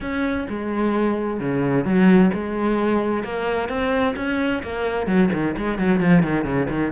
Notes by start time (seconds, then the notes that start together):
0.00 C#4
0.49 G#3
1.40 C#3
1.84 F#3
2.33 G#3
3.23 A#3
3.68 C4
4.16 C#4
4.62 A#3
5.06 F#3
5.33 D#3
5.57 G#3
5.78 F#3
5.99 F3
6.22 D#3
6.44 C#3
6.69 D#3